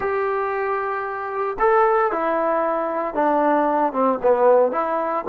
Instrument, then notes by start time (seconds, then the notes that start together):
trombone
0.00 G4
1.59 A4
2.12 E4
3.14 D4
3.93 C4
4.22 B3
4.72 E4